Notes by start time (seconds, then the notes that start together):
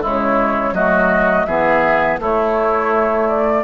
0.00 C#3 G#3 E4 C#5
0.72 F#3 A3 F#4 D#5
1.45 E3 B3 G#4 E5
2.19 A3 E4 C#5
3.28 D5